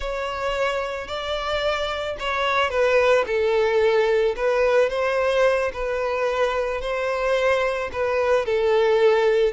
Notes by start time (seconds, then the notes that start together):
0.00 C#5
1.07 D5
2.19 C#5
2.70 B4
3.26 A4
4.36 B4
4.89 C5
5.73 B4
6.81 C5
7.92 B4
8.45 A4